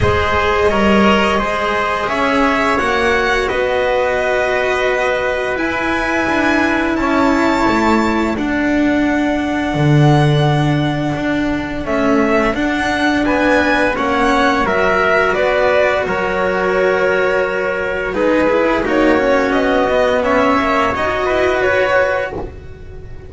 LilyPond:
<<
  \new Staff \with { instrumentName = "violin" } { \time 4/4 \tempo 4 = 86 dis''2. e''4 | fis''4 dis''2. | gis''2 a''2 | fis''1~ |
fis''4 e''4 fis''4 gis''4 | fis''4 e''4 d''4 cis''4~ | cis''2 b'4 cis''4 | dis''4 e''4 dis''4 cis''4 | }
  \new Staff \with { instrumentName = "trumpet" } { \time 4/4 c''4 cis''4 c''4 cis''4~ | cis''4 b'2.~ | b'2 cis''2 | a'1~ |
a'2. b'4 | cis''4 ais'4 b'4 ais'4~ | ais'2 gis'4 fis'4~ | fis'4 cis''4. b'4. | }
  \new Staff \with { instrumentName = "cello" } { \time 4/4 gis'4 ais'4 gis'2 | fis'1 | e'1 | d'1~ |
d'4 a4 d'2 | cis'4 fis'2.~ | fis'2 dis'8 e'8 dis'8 cis'8~ | cis'8 b4 ais8 fis'2 | }
  \new Staff \with { instrumentName = "double bass" } { \time 4/4 gis4 g4 gis4 cis'4 | ais4 b2. | e'4 d'4 cis'4 a4 | d'2 d2 |
d'4 cis'4 d'4 b4 | ais4 fis4 b4 fis4~ | fis2 gis4 ais4 | b4 cis'4 dis'8 e'8 fis'4 | }
>>